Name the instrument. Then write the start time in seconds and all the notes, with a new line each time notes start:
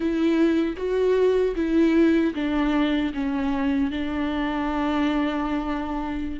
viola
0.00 E4
0.76 F#4
1.55 E4
2.34 D4
3.13 C#4
3.91 D4